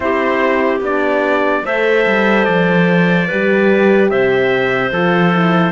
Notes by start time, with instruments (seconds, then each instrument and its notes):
0.00 cello C4, horn E4, clarinet G4, trumpet C5
0.80 cello B3, horn D4, trumpet D5
1.64 cello A3, horn A4, clarinet C5, trumpet E5
2.07 cello G3
2.44 cello F3, trumpet D5
3.27 cello G3, horn G4, clarinet B4
4.09 cello C3, clarinet C5, trumpet E5
4.91 cello F3, horn F4, trumpet A4
5.32 horn E4